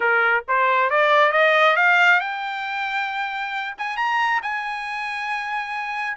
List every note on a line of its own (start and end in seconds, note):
0.00 0.44 A#4
0.48 0.90 C5
0.90 1.32 D5
1.32 1.76 D#5
1.76 2.20 F5
2.20 3.75 G5
3.78 3.96 G#5
3.96 4.41 A#5
4.42 6.16 G#5